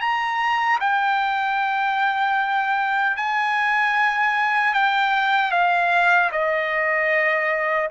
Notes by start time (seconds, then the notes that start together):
0.00 A#5
0.80 G5
3.17 G#5
4.74 G5
5.51 F5
6.32 D#5